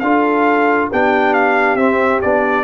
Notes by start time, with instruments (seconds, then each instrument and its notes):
0.00 tuba D4, trombone F4, horn A4, trumpet F5
0.90 tuba B3, trombone D4, horn G4, trumpet G5
1.34 trumpet F5
1.75 tuba C4, trombone C4, trumpet E5
2.22 tuba B3, trombone D4, trumpet D5